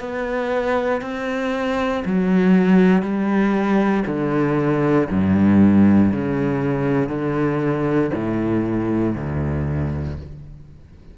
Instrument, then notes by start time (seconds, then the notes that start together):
cello
0.00 B3
1.02 C4
2.05 F#3
3.02 G3
4.07 D3
5.10 G2
6.12 C#3
7.09 D3
8.14 A2
9.16 D2